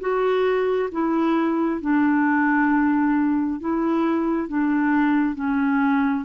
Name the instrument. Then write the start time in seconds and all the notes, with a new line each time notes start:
clarinet
0.00 F#4
0.92 E4
1.81 D4
3.60 E4
4.49 D4
5.35 C#4